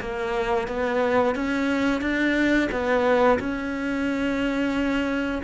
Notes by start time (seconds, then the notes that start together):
0.00 A#3
0.67 B3
1.35 C#4
2.01 D4
2.71 B3
3.39 C#4